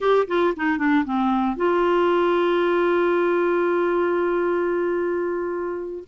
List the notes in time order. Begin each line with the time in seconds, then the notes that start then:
0.00 G4
0.27 F4
0.56 D#4
0.78 D4
1.05 C4
1.56 F4